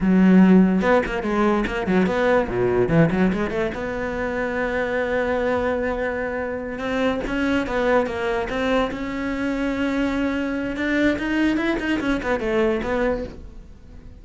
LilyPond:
\new Staff \with { instrumentName = "cello" } { \time 4/4 \tempo 4 = 145 fis2 b8 ais8 gis4 | ais8 fis8 b4 b,4 e8 fis8 | gis8 a8 b2.~ | b1~ |
b8 c'4 cis'4 b4 ais8~ | ais8 c'4 cis'2~ cis'8~ | cis'2 d'4 dis'4 | e'8 dis'8 cis'8 b8 a4 b4 | }